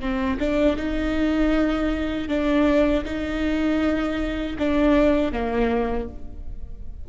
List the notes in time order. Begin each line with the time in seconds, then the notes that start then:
0.00 C4
0.39 D4
0.76 D#4
2.28 D4
3.04 D#4
4.58 D4
5.32 A#3